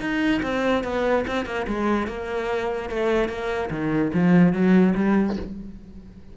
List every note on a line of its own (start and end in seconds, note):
0.00 0.41 D#4
0.42 0.83 C4
0.83 1.25 B3
1.27 1.46 C4
1.46 1.66 A#3
1.67 2.07 G#3
2.07 2.89 A#3
2.89 3.29 A3
3.29 3.70 A#3
3.70 4.12 D#3
4.14 4.53 F3
4.53 4.94 F#3
4.95 5.36 G3